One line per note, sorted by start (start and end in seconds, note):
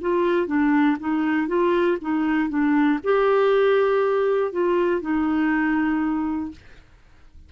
0.00 0.46 F4
0.46 0.96 D4
0.99 1.47 D#4
1.47 1.97 F4
2.01 2.49 D#4
2.49 2.99 D4
3.03 4.52 G4
4.52 5.00 F4
5.00 6.50 D#4